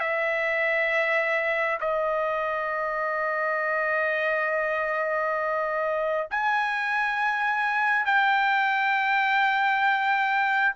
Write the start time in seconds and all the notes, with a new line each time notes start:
0.00 E5
1.81 D#5
6.31 G#5
8.06 G5